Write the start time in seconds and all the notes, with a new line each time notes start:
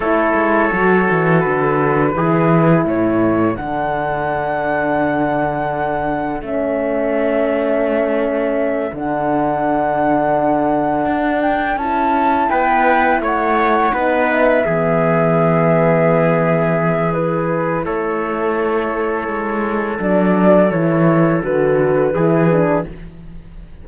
0.00 A3 E4 A4 C#5
0.34 G#3
0.70 F#3 F#4
1.10 E3
1.40 D3 B4
2.15 E3 E4 G#4
2.84 A2 A4 C#5
3.56 D3 D4 F#5
6.41 A3 C#4 E5
8.92 D3 D4 F#5
11.06 D4
11.42 G5
11.76 C#4 E4 A5
12.49 B3 B4 G5
13.20 A3 C#5 F#5
13.92 B3 D#4 B4
14.32 E5
14.64 E3 B3 G#4
17.13 E4 B4
17.84 A3 A4 C#5
19.27 G#3
19.98 F#3 D4 D5
20.70 E3 E4 C#5
21.42 D3 F#4 B4
22.13 E3 E4 G#4
22.52 D4